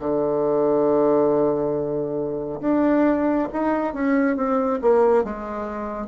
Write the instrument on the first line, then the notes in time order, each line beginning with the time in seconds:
bassoon
0.00 D3
2.61 D4
3.53 D#4
3.94 C#4
4.37 C4
4.82 A#3
5.25 G#3